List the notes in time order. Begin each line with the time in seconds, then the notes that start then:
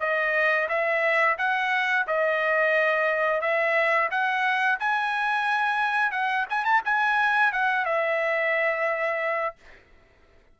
0.00 D#5
0.69 E5
1.38 F#5
2.07 D#5
3.41 E5
4.11 F#5
4.80 G#5
6.12 F#5
6.50 G#5
6.65 A5
6.85 G#5
7.53 F#5
7.86 E5